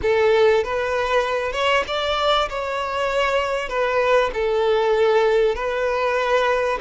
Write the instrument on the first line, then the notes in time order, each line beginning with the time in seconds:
violin
0.02 A4
0.64 B4
1.52 C#5
1.87 D5
2.49 C#5
3.68 B4
4.33 A4
5.55 B4